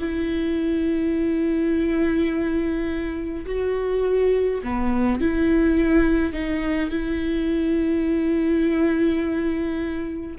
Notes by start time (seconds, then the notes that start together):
0.00 E4
3.46 F#4
4.64 B3
5.21 E4
6.33 D#4
6.90 E4